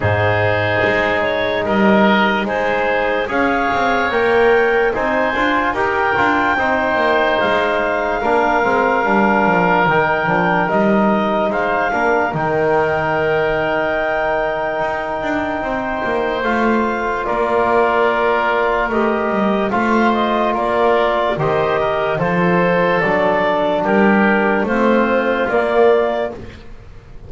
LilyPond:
<<
  \new Staff \with { instrumentName = "clarinet" } { \time 4/4 \tempo 4 = 73 c''4. cis''8 dis''4 c''4 | f''4 g''4 gis''4 g''4~ | g''4 f''2. | g''4 dis''4 f''4 g''4~ |
g''1 | f''4 d''2 dis''4 | f''8 dis''8 d''4 dis''4 c''4 | d''4 ais'4 c''4 d''4 | }
  \new Staff \with { instrumentName = "oboe" } { \time 4/4 gis'2 ais'4 gis'4 | cis''2 c''4 ais'4 | c''2 ais'2~ | ais'2 c''8 ais'4.~ |
ais'2. c''4~ | c''4 ais'2. | c''4 ais'4 c''8 ais'8 a'4~ | a'4 g'4 f'2 | }
  \new Staff \with { instrumentName = "trombone" } { \time 4/4 dis'1 | gis'4 ais'4 dis'8 f'8 g'8 f'8 | dis'2 d'8 c'8 d'4 | dis'8 d'8 dis'4. d'8 dis'4~ |
dis'1 | f'2. g'4 | f'2 g'4 f'4 | d'2 c'4 ais4 | }
  \new Staff \with { instrumentName = "double bass" } { \time 4/4 gis,4 gis4 g4 gis4 | cis'8 c'8 ais4 c'8 d'8 dis'8 d'8 | c'8 ais8 gis4 ais8 gis8 g8 f8 | dis8 f8 g4 gis8 ais8 dis4~ |
dis2 dis'8 d'8 c'8 ais8 | a4 ais2 a8 g8 | a4 ais4 dis4 f4 | fis4 g4 a4 ais4 | }
>>